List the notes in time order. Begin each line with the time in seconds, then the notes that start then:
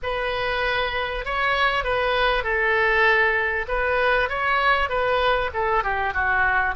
0.02 B4
1.25 C#5
1.83 B4
2.43 A4
3.68 B4
4.29 C#5
4.89 B4
5.53 A4
5.83 G4
6.13 F#4